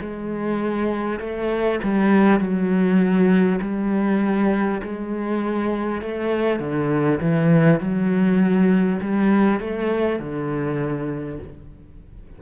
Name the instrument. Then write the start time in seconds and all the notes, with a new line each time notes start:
cello
0.00 G#3
1.19 A3
1.83 G3
2.39 F#3
3.61 G3
4.83 G#3
6.01 A3
6.59 D3
7.20 E3
7.80 F#3
9.01 G3
9.59 A3
10.19 D3